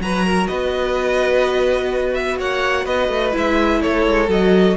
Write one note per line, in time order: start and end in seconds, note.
0.00 0.48 F#3
0.00 3.32 F#4
0.00 0.26 B4
0.00 0.47 A#5
0.26 0.49 A#4
0.47 2.40 B3
0.47 2.38 B4
0.47 2.14 D#5
2.14 2.37 E5
2.38 2.86 A#3
2.38 2.85 C#5
2.38 2.86 F#5
2.85 3.09 B3
2.85 3.80 B4
2.85 3.34 D#5
3.09 3.33 A3
3.32 3.85 G#3
3.32 4.27 E4
3.32 3.82 E5
3.82 4.07 A3
3.82 4.77 A4
3.82 4.30 C#5
4.07 4.29 G#3
4.29 4.76 F#3
4.29 4.77 F#4
4.29 4.77 D#5